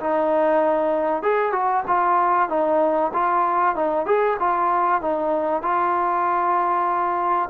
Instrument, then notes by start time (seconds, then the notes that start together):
trombone
0.00 D#4
1.23 G#4
1.53 F#4
1.88 F4
2.49 D#4
3.14 F4
3.76 D#4
4.06 G#4
4.39 F4
5.01 D#4
5.62 F4